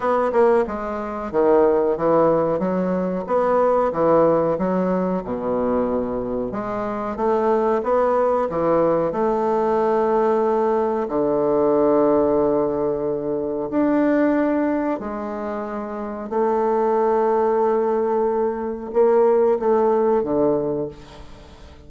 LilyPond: \new Staff \with { instrumentName = "bassoon" } { \time 4/4 \tempo 4 = 92 b8 ais8 gis4 dis4 e4 | fis4 b4 e4 fis4 | b,2 gis4 a4 | b4 e4 a2~ |
a4 d2.~ | d4 d'2 gis4~ | gis4 a2.~ | a4 ais4 a4 d4 | }